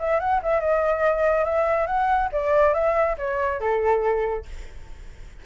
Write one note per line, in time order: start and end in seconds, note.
0.00 0.20 E5
0.20 0.41 F#5
0.43 0.61 E5
0.61 1.45 D#5
1.45 1.87 E5
1.87 2.30 F#5
2.33 2.74 D5
2.74 3.17 E5
3.18 3.61 C#5
3.61 4.46 A4